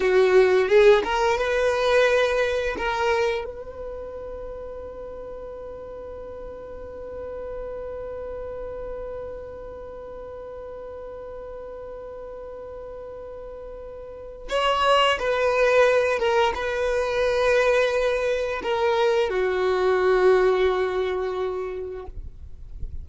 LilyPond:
\new Staff \with { instrumentName = "violin" } { \time 4/4 \tempo 4 = 87 fis'4 gis'8 ais'8 b'2 | ais'4 b'2.~ | b'1~ | b'1~ |
b'1~ | b'4 cis''4 b'4. ais'8 | b'2. ais'4 | fis'1 | }